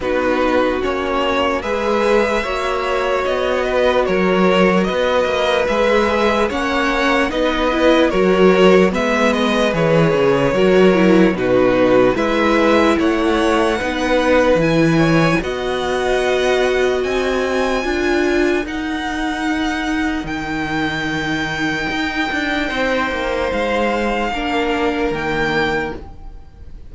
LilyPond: <<
  \new Staff \with { instrumentName = "violin" } { \time 4/4 \tempo 4 = 74 b'4 cis''4 e''2 | dis''4 cis''4 dis''4 e''4 | fis''4 dis''4 cis''4 e''8 dis''8 | cis''2 b'4 e''4 |
fis''2 gis''4 fis''4~ | fis''4 gis''2 fis''4~ | fis''4 g''2.~ | g''4 f''2 g''4 | }
  \new Staff \with { instrumentName = "violin" } { \time 4/4 fis'2 b'4 cis''4~ | cis''8 b'8 ais'4 b'2 | cis''4 b'4 ais'4 b'4~ | b'4 ais'4 fis'4 b'4 |
cis''4 b'4. cis''8 dis''4~ | dis''2 ais'2~ | ais'1 | c''2 ais'2 | }
  \new Staff \with { instrumentName = "viola" } { \time 4/4 dis'4 cis'4 gis'4 fis'4~ | fis'2. gis'4 | cis'4 dis'8 e'8 fis'4 b4 | gis'4 fis'8 e'8 dis'4 e'4~ |
e'4 dis'4 e'4 fis'4~ | fis'2 f'4 dis'4~ | dis'1~ | dis'2 d'4 ais4 | }
  \new Staff \with { instrumentName = "cello" } { \time 4/4 b4 ais4 gis4 ais4 | b4 fis4 b8 ais8 gis4 | ais4 b4 fis4 gis4 | e8 cis8 fis4 b,4 gis4 |
a4 b4 e4 b4~ | b4 c'4 d'4 dis'4~ | dis'4 dis2 dis'8 d'8 | c'8 ais8 gis4 ais4 dis4 | }
>>